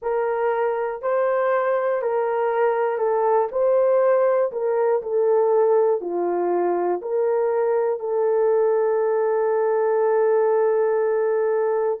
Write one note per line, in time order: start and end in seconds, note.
0.01 1.01 A#4
1.01 2.01 C5
2.01 2.97 A#4
2.97 3.47 A4
3.51 4.51 C5
4.52 5.02 A#4
5.02 6.00 A4
6.00 7.00 F4
7.01 8.00 A#4
8.00 12.00 A4